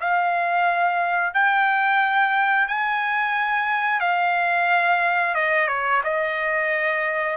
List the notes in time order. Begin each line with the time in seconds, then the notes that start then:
0.00 F5
1.33 G5
2.68 G#5
4.00 F5
5.34 D#5
5.68 C#5
6.03 D#5